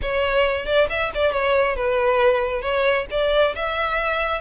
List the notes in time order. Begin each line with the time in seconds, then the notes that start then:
0.02 C#5
0.65 D5
0.89 E5
1.14 D5
1.32 C#5
1.76 B4
2.61 C#5
3.10 D5
3.55 E5